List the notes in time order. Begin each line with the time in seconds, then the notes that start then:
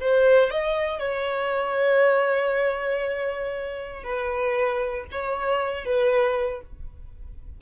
0.00 C5
0.50 D#5
0.99 C#5
4.03 B4
5.11 C#5
5.85 B4